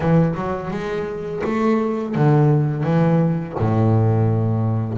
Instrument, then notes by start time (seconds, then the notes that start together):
double bass
0.00 E3
0.35 F#3
0.70 G#3
1.44 A3
2.15 D3
2.83 E3
3.58 A2